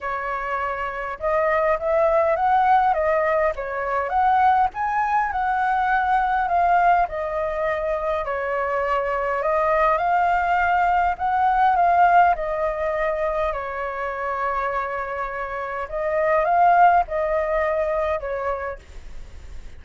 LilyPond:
\new Staff \with { instrumentName = "flute" } { \time 4/4 \tempo 4 = 102 cis''2 dis''4 e''4 | fis''4 dis''4 cis''4 fis''4 | gis''4 fis''2 f''4 | dis''2 cis''2 |
dis''4 f''2 fis''4 | f''4 dis''2 cis''4~ | cis''2. dis''4 | f''4 dis''2 cis''4 | }